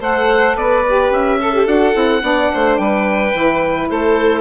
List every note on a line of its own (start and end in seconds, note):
0.00 0.56 A3
0.00 0.85 A4
0.00 0.56 C5
0.00 0.57 F#5
0.56 1.10 B3
0.56 1.39 B4
0.56 1.13 D5
0.86 1.40 G4
1.10 1.66 C#4
1.10 1.67 E5
1.39 2.23 A4
1.39 1.54 A4
1.54 1.66 G4
1.66 1.94 D4
1.66 1.94 F#4
1.66 2.77 F#5
1.94 2.22 C4
1.94 2.21 E4
2.21 2.50 B3
2.21 3.32 D4
2.21 2.51 D5
2.54 2.79 A3
2.54 2.81 C5
2.77 3.34 G3
2.77 3.90 B4
2.77 3.88 G5
3.34 3.90 E3
3.34 4.41 E4
3.90 4.41 A3
3.90 4.41 A4
3.90 4.41 C5